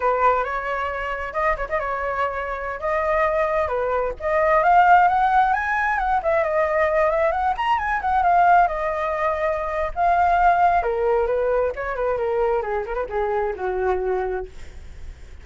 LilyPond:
\new Staff \with { instrumentName = "flute" } { \time 4/4 \tempo 4 = 133 b'4 cis''2 dis''8 cis''16 dis''16 | cis''2~ cis''16 dis''4.~ dis''16~ | dis''16 b'4 dis''4 f''4 fis''8.~ | fis''16 gis''4 fis''8 e''8 dis''4. e''16~ |
e''16 fis''8 ais''8 gis''8 fis''8 f''4 dis''8.~ | dis''2 f''2 | ais'4 b'4 cis''8 b'8 ais'4 | gis'8 ais'16 b'16 gis'4 fis'2 | }